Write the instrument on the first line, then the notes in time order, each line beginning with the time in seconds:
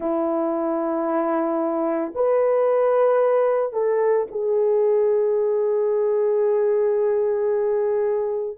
horn
0.00 E4
2.14 B4
3.73 A4
4.31 G#4